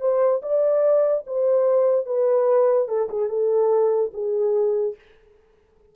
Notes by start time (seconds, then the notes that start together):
0.00 C5
0.42 D5
1.26 C5
2.05 B4
2.88 A4
3.09 G#4
3.29 A4
4.13 G#4